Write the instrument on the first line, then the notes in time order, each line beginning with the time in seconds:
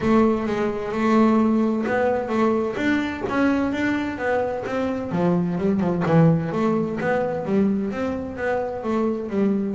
double bass
0.00 A3
0.46 G#3
0.92 A3
1.86 B3
2.28 A3
2.76 D4
3.29 C#4
3.72 D4
4.18 B3
4.65 C4
5.11 F3
5.58 G3
5.80 F3
6.06 E3
6.52 A3
7.00 B3
7.45 G3
7.91 C4
8.36 B3
8.83 A3
9.29 G3